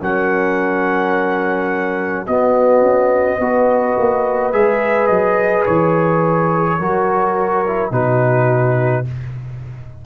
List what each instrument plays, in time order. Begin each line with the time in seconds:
0.00 tuba F#3, trombone C#4, horn A#4, trumpet F#5
2.26 tuba B3, trombone B3, horn F#4, trumpet D#5
2.81 tuba C#4
3.39 tuba B3, trombone F#4, horn B4
3.98 tuba A#3
4.52 tuba G#3, trombone G#4, trumpet E5
5.07 tuba F#3, trumpet D#5
5.66 tuba E3, trumpet C#5
6.78 tuba F#3, trombone F#4, horn A#4
7.67 trombone E4
7.91 tuba B2, trombone D#4, horn F#4, trumpet B4